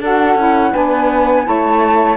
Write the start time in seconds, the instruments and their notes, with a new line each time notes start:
0.00 cello D4, saxophone F#4 A4, flute F#5
0.35 cello C#4, saxophone E4
0.71 cello B3, saxophone D4 B4, flute G#5
1.44 cello A3, saxophone E4 C#5, flute A5